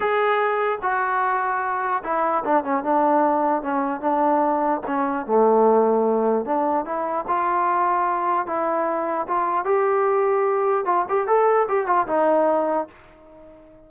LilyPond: \new Staff \with { instrumentName = "trombone" } { \time 4/4 \tempo 4 = 149 gis'2 fis'2~ | fis'4 e'4 d'8 cis'8 d'4~ | d'4 cis'4 d'2 | cis'4 a2. |
d'4 e'4 f'2~ | f'4 e'2 f'4 | g'2. f'8 g'8 | a'4 g'8 f'8 dis'2 | }